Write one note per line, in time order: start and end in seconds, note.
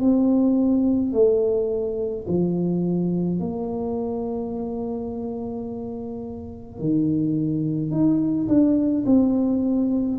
0.00 1.13 C4
1.13 2.26 A3
2.28 3.40 F3
3.40 6.79 A#3
6.79 7.91 D#3
7.91 8.48 D#4
8.48 9.05 D4
9.06 10.18 C4